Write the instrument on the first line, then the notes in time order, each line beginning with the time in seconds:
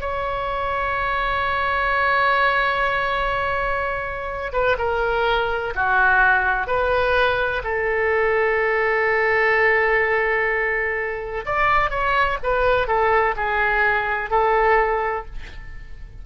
oboe
0.00 C#5
4.53 B4
4.78 A#4
5.75 F#4
6.67 B4
7.64 A4
11.45 D5
11.90 C#5
12.43 B4
12.87 A4
13.36 G#4
14.30 A4